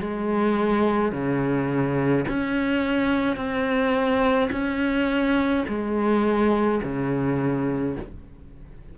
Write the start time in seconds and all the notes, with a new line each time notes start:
0.00 G#3
1.12 C#3
2.28 C#4
3.36 C4
4.52 C#4
5.68 G#3
6.83 C#3